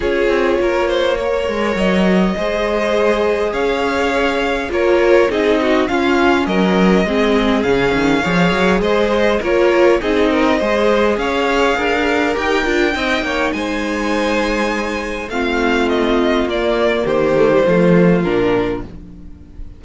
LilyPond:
<<
  \new Staff \with { instrumentName = "violin" } { \time 4/4 \tempo 4 = 102 cis''2. dis''4~ | dis''2 f''2 | cis''4 dis''4 f''4 dis''4~ | dis''4 f''2 dis''4 |
cis''4 dis''2 f''4~ | f''4 g''2 gis''4~ | gis''2 f''4 dis''4 | d''4 c''2 ais'4 | }
  \new Staff \with { instrumentName = "violin" } { \time 4/4 gis'4 ais'8 c''8 cis''2 | c''2 cis''2 | ais'4 gis'8 fis'8 f'4 ais'4 | gis'2 cis''4 c''4 |
ais'4 gis'8 ais'8 c''4 cis''4 | ais'2 dis''8 cis''8 c''4~ | c''2 f'2~ | f'4 g'4 f'2 | }
  \new Staff \with { instrumentName = "viola" } { \time 4/4 f'2 ais'2 | gis'1 | f'4 dis'4 cis'2 | c'4 cis'4 gis'2 |
f'4 dis'4 gis'2~ | gis'4 g'8 f'8 dis'2~ | dis'2 c'2 | ais4. a16 g16 a4 d'4 | }
  \new Staff \with { instrumentName = "cello" } { \time 4/4 cis'8 c'8 ais4. gis8 fis4 | gis2 cis'2 | ais4 c'4 cis'4 fis4 | gis4 cis8 dis8 f8 fis8 gis4 |
ais4 c'4 gis4 cis'4 | d'4 dis'8 d'8 c'8 ais8 gis4~ | gis2 a2 | ais4 dis4 f4 ais,4 | }
>>